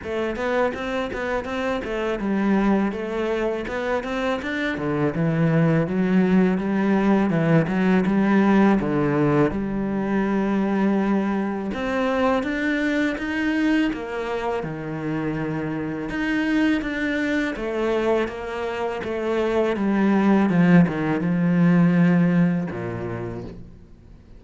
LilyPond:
\new Staff \with { instrumentName = "cello" } { \time 4/4 \tempo 4 = 82 a8 b8 c'8 b8 c'8 a8 g4 | a4 b8 c'8 d'8 d8 e4 | fis4 g4 e8 fis8 g4 | d4 g2. |
c'4 d'4 dis'4 ais4 | dis2 dis'4 d'4 | a4 ais4 a4 g4 | f8 dis8 f2 ais,4 | }